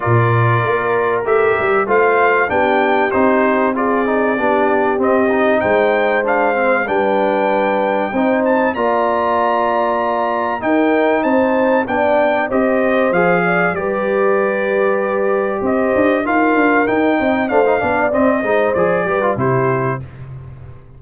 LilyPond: <<
  \new Staff \with { instrumentName = "trumpet" } { \time 4/4 \tempo 4 = 96 d''2 e''4 f''4 | g''4 c''4 d''2 | dis''4 g''4 f''4 g''4~ | g''4. a''8 ais''2~ |
ais''4 g''4 a''4 g''4 | dis''4 f''4 d''2~ | d''4 dis''4 f''4 g''4 | f''4 dis''4 d''4 c''4 | }
  \new Staff \with { instrumentName = "horn" } { \time 4/4 ais'2. c''4 | g'2 gis'4 g'4~ | g'4 c''2 b'4~ | b'4 c''4 d''2~ |
d''4 ais'4 c''4 d''4 | c''4. d''8 b'2~ | b'4 c''4 ais'4. dis''8 | c''8 d''4 c''4 b'8 g'4 | }
  \new Staff \with { instrumentName = "trombone" } { \time 4/4 f'2 g'4 f'4 | d'4 dis'4 f'8 dis'8 d'4 | c'8 dis'4. d'8 c'8 d'4~ | d'4 dis'4 f'2~ |
f'4 dis'2 d'4 | g'4 gis'4 g'2~ | g'2 f'4 dis'4 | d'16 dis'16 d'8 c'8 dis'8 gis'8 g'16 f'16 e'4 | }
  \new Staff \with { instrumentName = "tuba" } { \time 4/4 ais,4 ais4 a8 g8 a4 | b4 c'2 b4 | c'4 gis2 g4~ | g4 c'4 ais2~ |
ais4 dis'4 c'4 b4 | c'4 f4 g2~ | g4 c'8 d'8 dis'8 d'8 dis'8 c'8 | a8 b8 c'8 gis8 f8 g8 c4 | }
>>